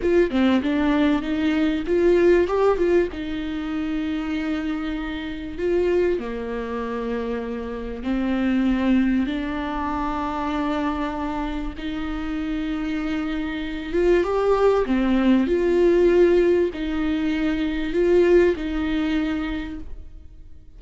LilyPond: \new Staff \with { instrumentName = "viola" } { \time 4/4 \tempo 4 = 97 f'8 c'8 d'4 dis'4 f'4 | g'8 f'8 dis'2.~ | dis'4 f'4 ais2~ | ais4 c'2 d'4~ |
d'2. dis'4~ | dis'2~ dis'8 f'8 g'4 | c'4 f'2 dis'4~ | dis'4 f'4 dis'2 | }